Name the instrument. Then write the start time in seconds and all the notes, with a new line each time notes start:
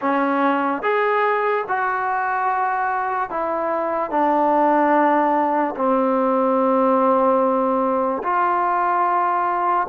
trombone
0.01 C#4
0.82 G#4
1.67 F#4
3.30 E4
4.10 D4
5.75 C4
8.23 F4